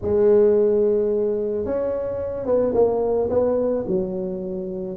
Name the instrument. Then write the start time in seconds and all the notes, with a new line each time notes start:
tuba
0.01 G#3
1.65 C#4
2.46 B3
2.73 A#3
3.29 B3
3.87 F#3